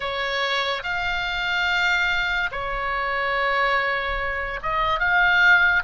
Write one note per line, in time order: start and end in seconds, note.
0.00 0.82 C#5
0.83 2.50 F5
2.52 4.60 C#5
4.62 4.99 D#5
4.99 5.83 F5